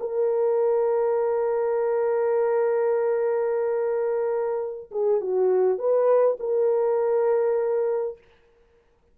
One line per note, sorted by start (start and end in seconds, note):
0.00 4.90 A#4
4.91 5.20 G#4
5.20 5.78 F#4
5.78 6.37 B4
6.39 8.18 A#4